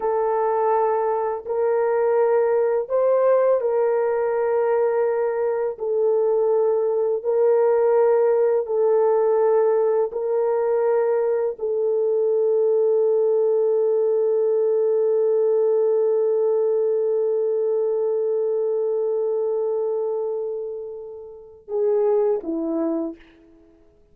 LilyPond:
\new Staff \with { instrumentName = "horn" } { \time 4/4 \tempo 4 = 83 a'2 ais'2 | c''4 ais'2. | a'2 ais'2 | a'2 ais'2 |
a'1~ | a'1~ | a'1~ | a'2 gis'4 e'4 | }